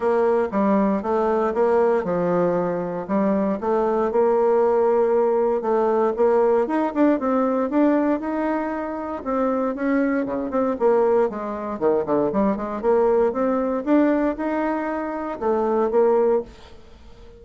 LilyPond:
\new Staff \with { instrumentName = "bassoon" } { \time 4/4 \tempo 4 = 117 ais4 g4 a4 ais4 | f2 g4 a4 | ais2. a4 | ais4 dis'8 d'8 c'4 d'4 |
dis'2 c'4 cis'4 | cis8 c'8 ais4 gis4 dis8 d8 | g8 gis8 ais4 c'4 d'4 | dis'2 a4 ais4 | }